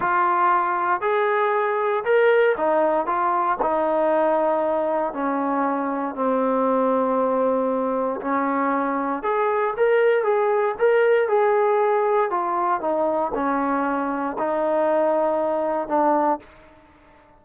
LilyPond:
\new Staff \with { instrumentName = "trombone" } { \time 4/4 \tempo 4 = 117 f'2 gis'2 | ais'4 dis'4 f'4 dis'4~ | dis'2 cis'2 | c'1 |
cis'2 gis'4 ais'4 | gis'4 ais'4 gis'2 | f'4 dis'4 cis'2 | dis'2. d'4 | }